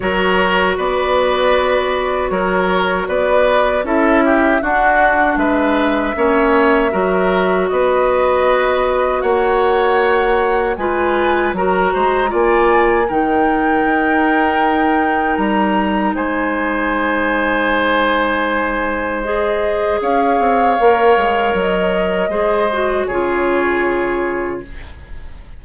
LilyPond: <<
  \new Staff \with { instrumentName = "flute" } { \time 4/4 \tempo 4 = 78 cis''4 d''2 cis''4 | d''4 e''4 fis''4 e''4~ | e''2 dis''2 | fis''2 gis''4 ais''4 |
gis''4 g''2. | ais''4 gis''2.~ | gis''4 dis''4 f''2 | dis''2 cis''2 | }
  \new Staff \with { instrumentName = "oboe" } { \time 4/4 ais'4 b'2 ais'4 | b'4 a'8 g'8 fis'4 b'4 | cis''4 ais'4 b'2 | cis''2 b'4 ais'8 c''8 |
d''4 ais'2.~ | ais'4 c''2.~ | c''2 cis''2~ | cis''4 c''4 gis'2 | }
  \new Staff \with { instrumentName = "clarinet" } { \time 4/4 fis'1~ | fis'4 e'4 d'2 | cis'4 fis'2.~ | fis'2 f'4 fis'4 |
f'4 dis'2.~ | dis'1~ | dis'4 gis'2 ais'4~ | ais'4 gis'8 fis'8 f'2 | }
  \new Staff \with { instrumentName = "bassoon" } { \time 4/4 fis4 b2 fis4 | b4 cis'4 d'4 gis4 | ais4 fis4 b2 | ais2 gis4 fis8 gis8 |
ais4 dis4 dis'2 | g4 gis2.~ | gis2 cis'8 c'8 ais8 gis8 | fis4 gis4 cis2 | }
>>